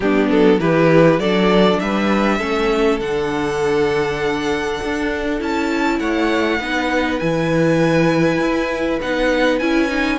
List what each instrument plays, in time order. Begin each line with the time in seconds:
0.00 cello G3, viola B3, violin D4 G4
0.30 cello F#3, violin A4
0.59 cello E3, viola E4, violin G4 B4
1.18 cello F#3, viola D4, violin A4 D5
1.79 cello G3, violin B4 E5
2.38 cello A3, viola C#4, violin A4
2.99 cello D3, viola D4, violin F#5
4.83 cello D4
5.39 cello C#4, viola E4, violin A5
5.99 cello A3, violin C#5 F#5
6.59 cello B3, viola D#4, violin B4
7.19 cello E3, viola E4, violin G#5
8.39 cello E4
9.01 cello B3, viola D#4, violin F#5
9.58 cello C#4, viola E4, violin G#5
9.88 viola D#4